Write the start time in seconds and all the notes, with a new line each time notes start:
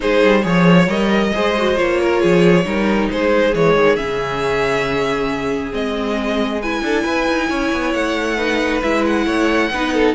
0.00 G#3 D#4 G#4 C5
0.23 G3
0.41 F3 G#4 C#5
0.87 G3 A#4 D#5
1.33 G#3 G#4 C5
1.57 F#4
1.75 A#3 F4 C#5
2.00 A#4
2.20 F3 G#4
2.64 G3 D#4 A#4
3.10 G#3 G#4 C5
3.53 E3 G#3 C#5
3.75 D#3
3.95 C#3 C#4 E5
5.71 G#3 C4 D#5
6.61 E4 B4 G#5
6.81 D4 A4
7.03 E4 B4
7.28 D#4
7.49 C#4 C#5
7.72 B3
7.93 A3 F#5
8.37 D#4 B4
8.82 G#3 E4 E5
9.05 F#5
9.26 A3 C#5
9.70 B3 D#4 B4
9.93 A4